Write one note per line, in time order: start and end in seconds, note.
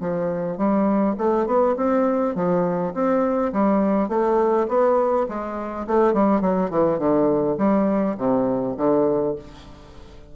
0.00 0.57 F3
0.57 1.15 G3
1.18 1.46 A3
1.46 1.75 B3
1.76 2.34 C4
2.35 2.93 F3
2.93 3.52 C4
3.52 4.08 G3
4.08 4.67 A3
4.68 5.26 B3
5.28 5.86 G#3
5.86 6.13 A3
6.13 6.41 G3
6.41 6.70 F#3
6.70 6.98 E3
6.98 7.56 D3
7.58 8.16 G3
8.17 8.75 C3
8.77 9.35 D3